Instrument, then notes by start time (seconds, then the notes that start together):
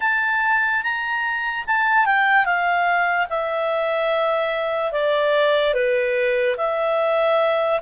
clarinet
0.00 A5
0.82 A#5
1.67 A5
2.05 G5
2.45 F5
3.29 E5
4.92 D5
5.73 B4
6.57 E5